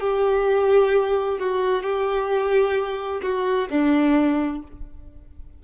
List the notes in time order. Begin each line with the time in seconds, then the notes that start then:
0.00 G4
1.38 F#4
1.83 G4
3.22 F#4
3.70 D4